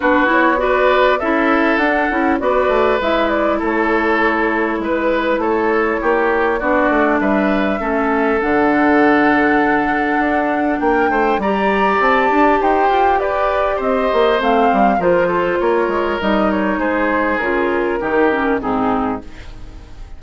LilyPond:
<<
  \new Staff \with { instrumentName = "flute" } { \time 4/4 \tempo 4 = 100 b'8 cis''8 d''4 e''4 fis''4 | d''4 e''8 d''8 cis''2 | b'4 cis''2 d''4 | e''2 fis''2~ |
fis''2 g''4 ais''4 | a''4 g''4 d''4 dis''4 | f''4 c''4 cis''4 dis''8 cis''8 | c''4 ais'2 gis'4 | }
  \new Staff \with { instrumentName = "oboe" } { \time 4/4 fis'4 b'4 a'2 | b'2 a'2 | b'4 a'4 g'4 fis'4 | b'4 a'2.~ |
a'2 ais'8 c''8 d''4~ | d''4 c''4 b'4 c''4~ | c''4 ais'8 a'8 ais'2 | gis'2 g'4 dis'4 | }
  \new Staff \with { instrumentName = "clarinet" } { \time 4/4 d'8 e'8 fis'4 e'4 d'8 e'8 | fis'4 e'2.~ | e'2. d'4~ | d'4 cis'4 d'2~ |
d'2. g'4~ | g'1 | c'4 f'2 dis'4~ | dis'4 f'4 dis'8 cis'8 c'4 | }
  \new Staff \with { instrumentName = "bassoon" } { \time 4/4 b2 cis'4 d'8 cis'8 | b8 a8 gis4 a2 | gis4 a4 ais4 b8 a8 | g4 a4 d2~ |
d4 d'4 ais8 a8 g4 | c'8 d'8 dis'8 f'8 g'4 c'8 ais8 | a8 g8 f4 ais8 gis8 g4 | gis4 cis4 dis4 gis,4 | }
>>